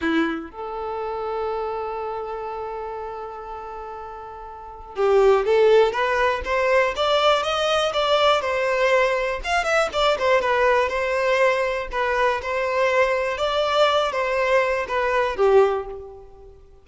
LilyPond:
\new Staff \with { instrumentName = "violin" } { \time 4/4 \tempo 4 = 121 e'4 a'2.~ | a'1~ | a'2 g'4 a'4 | b'4 c''4 d''4 dis''4 |
d''4 c''2 f''8 e''8 | d''8 c''8 b'4 c''2 | b'4 c''2 d''4~ | d''8 c''4. b'4 g'4 | }